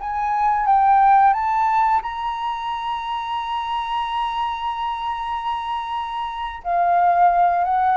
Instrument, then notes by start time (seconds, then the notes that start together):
flute
0.00 G#5
0.66 G5
1.33 A5
2.02 A#5
6.64 F5
7.64 F#5